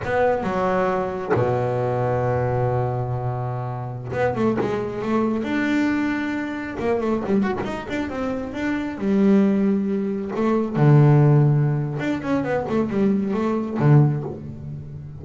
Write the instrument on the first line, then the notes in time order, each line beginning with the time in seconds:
double bass
0.04 B3
0.43 F#3
1.34 B2
4.12 B3
4.35 A3
4.60 G#3
5.02 A3
5.43 D4
6.79 A#3
7.00 A3
7.26 G3
7.42 F#4
7.59 G3 D#4
7.89 D4
8.09 C4
8.53 D4
8.98 G3
10.35 A3
10.76 D3
11.99 D4
12.22 C#4
12.43 B3
12.68 A3
12.89 G3
13.33 A3
13.79 D3